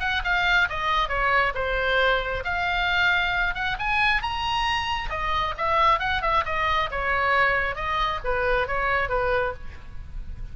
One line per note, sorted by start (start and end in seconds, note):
0.00 0.22 F#5
0.24 0.68 F5
0.69 1.09 D#5
1.09 1.53 C#5
1.55 2.44 C5
2.44 3.55 F5
3.55 3.77 F#5
3.79 4.22 G#5
4.22 5.10 A#5
5.10 5.54 D#5
5.57 5.99 E5
5.99 6.22 F#5
6.22 6.44 E5
6.45 6.90 D#5
6.91 7.75 C#5
7.75 8.20 D#5
8.24 8.67 B4
8.67 9.09 C#5
9.09 9.53 B4